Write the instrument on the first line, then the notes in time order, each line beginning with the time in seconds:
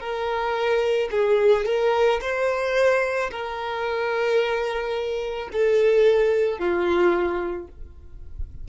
violin
0.00 A#4
1.11 G#4
1.66 A#4
2.21 C5
3.31 A#4
5.52 A4
6.59 F4